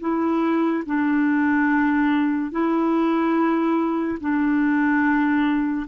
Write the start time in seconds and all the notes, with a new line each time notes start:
0.00 E4
0.85 D4
2.51 E4
4.20 D4